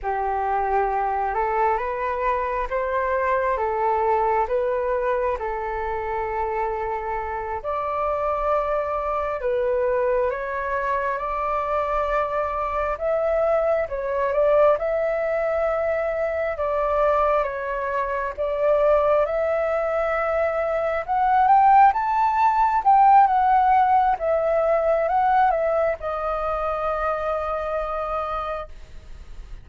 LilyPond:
\new Staff \with { instrumentName = "flute" } { \time 4/4 \tempo 4 = 67 g'4. a'8 b'4 c''4 | a'4 b'4 a'2~ | a'8 d''2 b'4 cis''8~ | cis''8 d''2 e''4 cis''8 |
d''8 e''2 d''4 cis''8~ | cis''8 d''4 e''2 fis''8 | g''8 a''4 g''8 fis''4 e''4 | fis''8 e''8 dis''2. | }